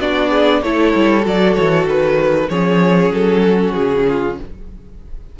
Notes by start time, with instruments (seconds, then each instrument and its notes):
0.00 cello B3, viola D4, violin F#4 D5
0.30 violin G#4
0.62 cello A3, viola E4, violin A4 C#5
0.95 cello G3
1.20 cello F#3, viola F#4
1.27 violin D5
1.54 cello E3, violin C#5
1.85 cello D#3, violin B4
2.49 cello F3, viola C#4, violin G#4 C#5
3.10 cello F#3, violin A4
3.43 violin F#4
3.73 cello C#3, violin G#4
4.08 violin F4